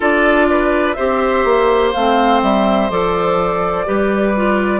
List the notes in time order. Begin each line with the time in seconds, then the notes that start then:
0.00 D4 F4 A4 D5
0.50 B4
0.93 C4 G4 C5 E5
1.44 A#3
1.93 A3 C4 F5
2.42 G3 E5
2.90 F3 A4 D5
3.85 G3 G4 B4
4.36 F4